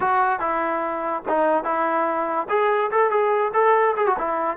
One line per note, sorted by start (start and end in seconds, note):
0.00 0.39 F#4
0.39 1.23 E4
1.28 1.64 D#4
1.64 2.47 E4
2.49 2.90 G#4
2.91 3.10 A4
3.10 3.52 G#4
3.53 3.95 A4
3.96 4.06 G#4
4.06 4.17 F#4
4.18 4.57 E4